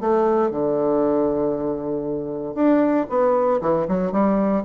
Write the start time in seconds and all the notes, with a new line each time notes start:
0.00 A3
0.51 D3
2.54 D4
3.09 B3
3.61 E3
3.87 F#3
4.12 G3